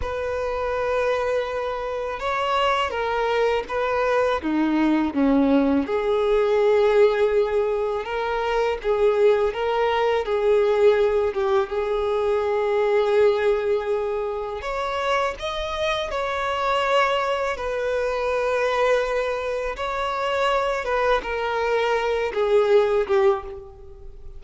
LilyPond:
\new Staff \with { instrumentName = "violin" } { \time 4/4 \tempo 4 = 82 b'2. cis''4 | ais'4 b'4 dis'4 cis'4 | gis'2. ais'4 | gis'4 ais'4 gis'4. g'8 |
gis'1 | cis''4 dis''4 cis''2 | b'2. cis''4~ | cis''8 b'8 ais'4. gis'4 g'8 | }